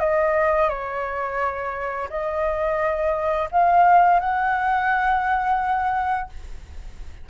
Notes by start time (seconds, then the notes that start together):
0.00 D#5
0.69 C#5
2.10 D#5
3.51 F5
4.20 F#5